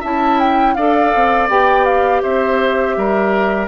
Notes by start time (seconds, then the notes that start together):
0.00 C#4 E4 E5 A5
0.39 G5
0.74 D4 A4 D5 F5
1.14 C4
1.49 B3 G4 G5
1.85 F5
2.22 C4 C5 E5
2.97 G3 A#4